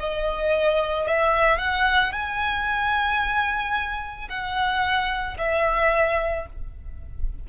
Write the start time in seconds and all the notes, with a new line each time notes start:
0.00 D#5
1.07 E5
1.59 F#5
2.13 G#5
4.29 F#5
5.38 E5